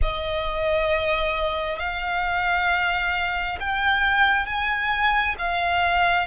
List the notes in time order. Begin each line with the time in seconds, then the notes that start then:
0.02 D#5
1.79 F5
3.60 G5
4.45 G#5
5.38 F5